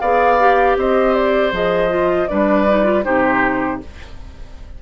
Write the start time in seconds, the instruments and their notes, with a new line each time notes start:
0.00 bassoon B3, clarinet G#4, oboe D5, flute F5
0.40 clarinet G4
0.76 bassoon C4, oboe C5, flute D#5
1.14 flute D5
1.52 bassoon F3, clarinet G#4, flute D#5
1.89 clarinet F4
2.28 bassoon G3, clarinet D4, oboe B4, flute D5
2.68 clarinet D#4
2.84 clarinet F4
3.04 bassoon C3, clarinet D#4, oboe G4, flute C5